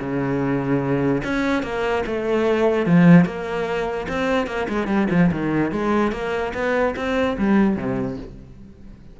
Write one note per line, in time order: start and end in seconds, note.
0.00 1.22 C#3
1.24 1.63 C#4
1.63 2.04 A#3
2.06 2.86 A3
2.86 3.25 F3
3.25 4.07 A#3
4.08 4.47 C4
4.47 4.67 A#3
4.69 4.87 G#3
4.87 5.07 G3
5.11 5.31 F3
5.32 5.71 D#3
5.71 6.12 G#3
6.12 6.53 A#3
6.54 6.95 B3
6.96 7.37 C4
7.38 7.76 G3
7.76 8.17 C3